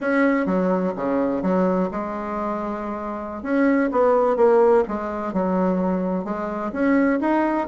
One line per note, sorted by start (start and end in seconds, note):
0.00 0.46 C#4
0.46 0.93 F#3
0.96 1.42 C#3
1.42 1.89 F#3
1.91 3.42 G#3
3.42 3.90 C#4
3.91 4.36 B3
4.36 4.83 A#3
4.88 5.33 G#3
5.33 6.24 F#3
6.24 6.71 G#3
6.72 7.19 C#4
7.20 7.67 D#4